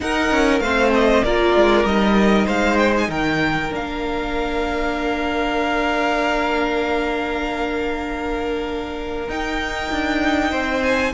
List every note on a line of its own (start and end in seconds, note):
0.00 0.62 D#4
0.00 0.31 D#4
0.00 0.62 A#4
0.00 0.59 F#5
0.31 0.60 C#4
0.59 1.22 A3
0.59 1.26 C4
0.59 1.24 C5
0.59 0.90 F5
0.94 1.23 D#5
1.23 1.55 A#3
1.23 1.86 F4
1.23 2.45 A#4
1.23 1.85 D5
1.55 1.84 G#3
1.84 2.46 G3
1.84 3.69 D#4
1.84 2.47 D#5
2.45 3.08 G#3
2.45 3.07 C5
2.45 2.77 F5
2.77 2.93 G5
2.97 3.10 G#5
3.08 3.70 D#3
3.08 10.50 A#4
3.08 3.72 G5
3.69 9.28 A#3
3.69 9.26 D4
3.69 9.29 F5
9.28 9.90 D#4
9.28 11.14 D#4
9.28 10.82 G5
9.91 10.52 D4
10.50 11.14 C4
10.50 11.12 C5
10.82 11.13 G#5